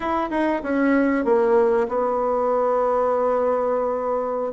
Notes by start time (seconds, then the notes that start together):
0.00 E4
0.30 D#4
0.63 C#4
1.24 A#3
1.88 B3